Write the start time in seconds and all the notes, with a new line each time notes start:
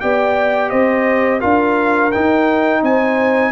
0.00 B3 G4 D5 G5
0.70 C4 C5 D#5
1.40 D4 F4 A#4 F5
2.12 D#4 G5
2.82 C4 C5 G#5